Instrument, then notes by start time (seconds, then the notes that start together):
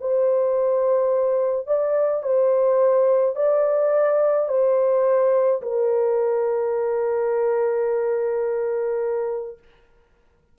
horn
0.00 C5
1.66 D5
2.23 C5
3.36 D5
4.48 C5
5.62 A#4